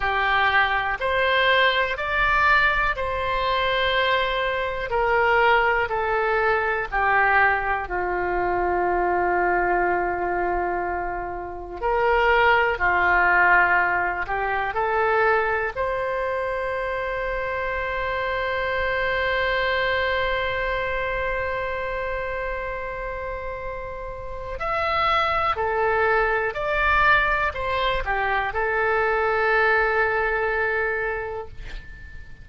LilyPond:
\new Staff \with { instrumentName = "oboe" } { \time 4/4 \tempo 4 = 61 g'4 c''4 d''4 c''4~ | c''4 ais'4 a'4 g'4 | f'1 | ais'4 f'4. g'8 a'4 |
c''1~ | c''1~ | c''4 e''4 a'4 d''4 | c''8 g'8 a'2. | }